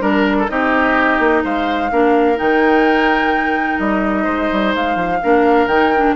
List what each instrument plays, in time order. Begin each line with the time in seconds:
0.00 bassoon G3, clarinet D4, oboe A#4, flute A#4
0.38 oboe A4
0.48 bassoon C4, clarinet D#4, oboe G4, flute D#5
1.19 bassoon A#3
1.43 bassoon G#3, oboe C5, flute F5
1.91 bassoon A#3, clarinet D4, oboe A#4
2.36 bassoon D#3, clarinet D#4, flute G5
3.79 bassoon G3, flute D#5
4.23 bassoon G#3, oboe C5
4.52 bassoon G3
4.75 bassoon G#3, flute F5
4.95 bassoon F3
5.23 bassoon A#3, clarinet D4, oboe A#4
5.66 bassoon D#3, clarinet D#4, flute G5
5.95 clarinet D4